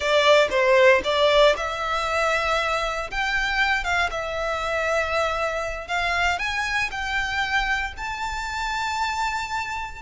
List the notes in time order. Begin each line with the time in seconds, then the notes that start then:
0.00 D5
0.50 C5
1.04 D5
1.56 E5
3.10 G5
3.83 F5
4.10 E5
5.87 F5
6.38 G#5
6.91 G5
7.97 A5